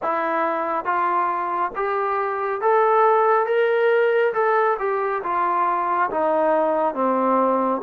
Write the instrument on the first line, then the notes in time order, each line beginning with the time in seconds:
trombone
0.02 E4
0.85 F4
1.75 G4
2.61 A4
3.46 A#4
4.33 A4
4.79 G4
5.23 F4
6.10 D#4
6.94 C4